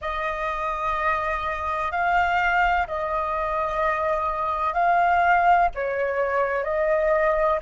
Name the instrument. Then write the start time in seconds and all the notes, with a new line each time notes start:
flute
0.01 D#5
1.91 F5
2.87 D#5
4.73 F5
5.74 C#5
6.64 D#5